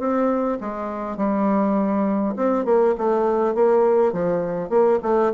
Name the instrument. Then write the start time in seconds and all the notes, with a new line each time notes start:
bassoon
0.00 C4
0.61 G#3
1.17 G3
2.37 C4
2.66 A#3
2.98 A3
3.55 A#3
4.13 F3
4.70 A#3
5.03 A3